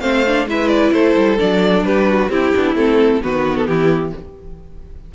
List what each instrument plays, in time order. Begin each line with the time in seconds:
0.00 cello A3, viola C4, violin C5 F5
0.27 viola D4
0.45 cello G#3, viola E4, violin B4 E5
0.68 violin D5
0.93 cello A3, violin A4 C5
1.16 cello G3
1.38 cello F#3, viola D4, violin D5
1.83 cello G3, violin G4 B4
2.09 violin F#4
2.29 cello C4, violin E4 G4, viola E4
2.56 cello B3, viola D4
2.75 cello A3, viola C4, violin A4
3.22 cello D#3, viola B3, violin F#4 B4
3.56 violin A4
3.67 cello E3, violin E4 G4